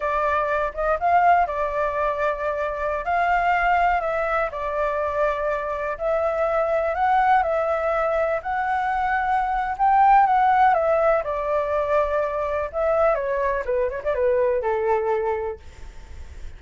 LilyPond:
\new Staff \with { instrumentName = "flute" } { \time 4/4 \tempo 4 = 123 d''4. dis''8 f''4 d''4~ | d''2~ d''16 f''4.~ f''16~ | f''16 e''4 d''2~ d''8.~ | d''16 e''2 fis''4 e''8.~ |
e''4~ e''16 fis''2~ fis''8. | g''4 fis''4 e''4 d''4~ | d''2 e''4 cis''4 | b'8 cis''16 d''16 b'4 a'2 | }